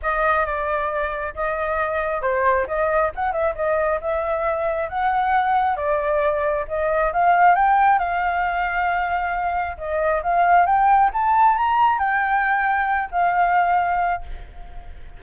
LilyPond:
\new Staff \with { instrumentName = "flute" } { \time 4/4 \tempo 4 = 135 dis''4 d''2 dis''4~ | dis''4 c''4 dis''4 fis''8 e''8 | dis''4 e''2 fis''4~ | fis''4 d''2 dis''4 |
f''4 g''4 f''2~ | f''2 dis''4 f''4 | g''4 a''4 ais''4 g''4~ | g''4. f''2~ f''8 | }